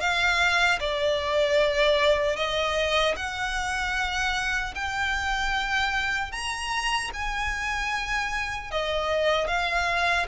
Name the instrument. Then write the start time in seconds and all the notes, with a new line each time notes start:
violin
0.00 F5
0.80 D5
2.36 D#5
3.16 F#5
4.75 G5
6.32 A#5
7.13 G#5
8.71 D#5
9.47 F5